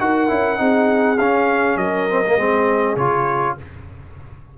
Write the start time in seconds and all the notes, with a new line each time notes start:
0.00 D#4 F#4 A#4 F#5
0.28 C#4 E4
0.57 C4 D#4 G#4
1.18 C#4 F5
1.77 F#3 A#4 D#5
2.10 C4
2.27 A#3
2.37 G#3 C4 G#4
2.96 C#3 F4 C#5